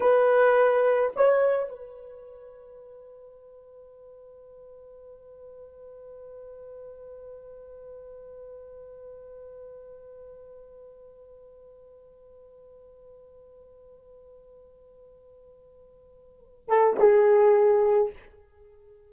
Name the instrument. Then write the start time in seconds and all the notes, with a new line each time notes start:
horn
0.00 B4
1.16 C#5
1.69 B4
16.68 A4
16.99 G#4